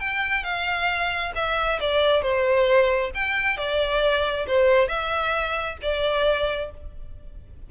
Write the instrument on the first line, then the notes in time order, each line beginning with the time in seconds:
violin
0.00 G5
0.44 F5
1.35 E5
1.81 D5
2.22 C5
3.15 G5
3.57 D5
4.47 C5
4.88 E5
5.82 D5